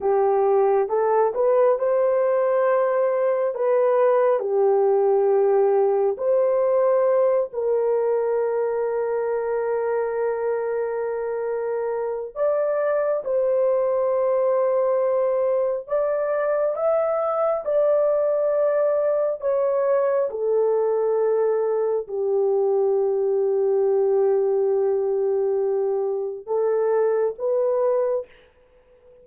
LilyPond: \new Staff \with { instrumentName = "horn" } { \time 4/4 \tempo 4 = 68 g'4 a'8 b'8 c''2 | b'4 g'2 c''4~ | c''8 ais'2.~ ais'8~ | ais'2 d''4 c''4~ |
c''2 d''4 e''4 | d''2 cis''4 a'4~ | a'4 g'2.~ | g'2 a'4 b'4 | }